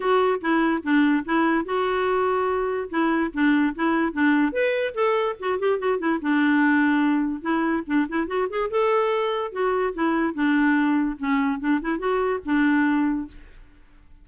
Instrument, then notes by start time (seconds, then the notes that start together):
clarinet
0.00 F#4
0.41 E4
0.83 D4
1.25 E4
1.65 F#4
2.89 E4
3.33 D4
3.75 E4
4.12 D4
4.52 B4
4.94 A4
5.39 F#4
5.59 G4
5.78 F#4
5.98 E4
6.21 D4
7.41 E4
7.86 D4
8.09 E4
8.27 F#4
8.49 G#4
8.70 A4
9.52 F#4
9.94 E4
10.34 D4
11.18 C#4
11.59 D4
11.81 E4
11.98 F#4
12.45 D4